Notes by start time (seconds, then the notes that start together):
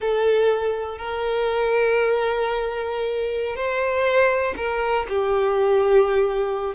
0.00 A4
0.98 A#4
3.55 C5
4.56 A#4
5.08 G4